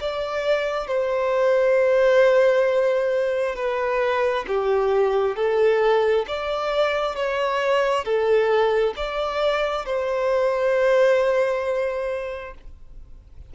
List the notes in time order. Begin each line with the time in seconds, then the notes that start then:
0.00 D5
0.87 C5
3.55 B4
4.47 G4
5.36 A4
6.27 D5
7.15 C#5
8.04 A4
8.96 D5
9.85 C5